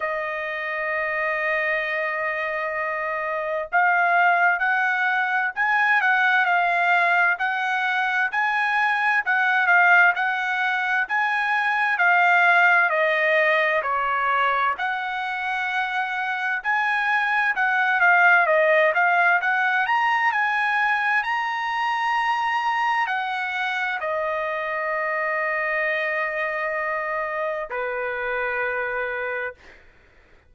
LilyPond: \new Staff \with { instrumentName = "trumpet" } { \time 4/4 \tempo 4 = 65 dis''1 | f''4 fis''4 gis''8 fis''8 f''4 | fis''4 gis''4 fis''8 f''8 fis''4 | gis''4 f''4 dis''4 cis''4 |
fis''2 gis''4 fis''8 f''8 | dis''8 f''8 fis''8 ais''8 gis''4 ais''4~ | ais''4 fis''4 dis''2~ | dis''2 b'2 | }